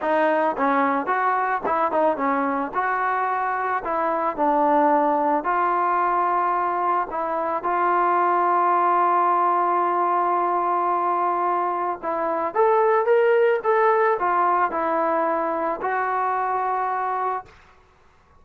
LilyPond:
\new Staff \with { instrumentName = "trombone" } { \time 4/4 \tempo 4 = 110 dis'4 cis'4 fis'4 e'8 dis'8 | cis'4 fis'2 e'4 | d'2 f'2~ | f'4 e'4 f'2~ |
f'1~ | f'2 e'4 a'4 | ais'4 a'4 f'4 e'4~ | e'4 fis'2. | }